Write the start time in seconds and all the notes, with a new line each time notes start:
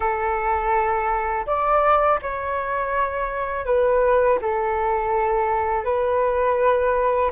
0.00 A4
1.46 D5
2.22 C#5
3.65 B4
4.41 A4
5.84 B4